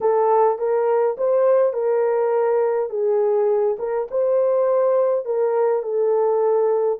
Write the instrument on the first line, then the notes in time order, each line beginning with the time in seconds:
horn
0.00 A4
0.58 A#4
1.17 C5
1.73 A#4
2.89 G#4
3.78 A#4
4.10 C5
5.25 A#4
5.82 A4